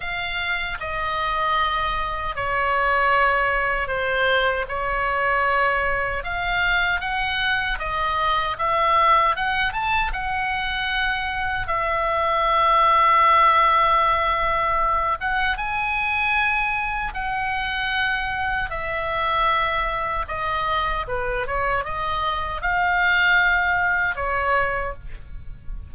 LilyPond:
\new Staff \with { instrumentName = "oboe" } { \time 4/4 \tempo 4 = 77 f''4 dis''2 cis''4~ | cis''4 c''4 cis''2 | f''4 fis''4 dis''4 e''4 | fis''8 a''8 fis''2 e''4~ |
e''2.~ e''8 fis''8 | gis''2 fis''2 | e''2 dis''4 b'8 cis''8 | dis''4 f''2 cis''4 | }